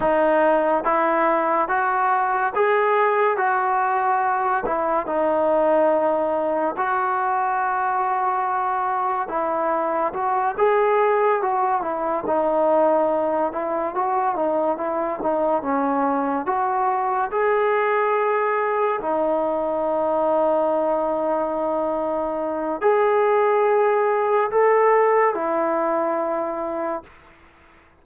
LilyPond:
\new Staff \with { instrumentName = "trombone" } { \time 4/4 \tempo 4 = 71 dis'4 e'4 fis'4 gis'4 | fis'4. e'8 dis'2 | fis'2. e'4 | fis'8 gis'4 fis'8 e'8 dis'4. |
e'8 fis'8 dis'8 e'8 dis'8 cis'4 fis'8~ | fis'8 gis'2 dis'4.~ | dis'2. gis'4~ | gis'4 a'4 e'2 | }